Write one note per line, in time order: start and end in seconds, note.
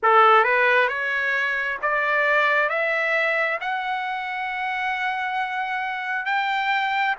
0.02 0.44 A4
0.44 0.88 B4
0.88 1.77 C#5
1.82 2.69 D5
2.69 3.58 E5
3.60 6.25 F#5
6.25 7.15 G5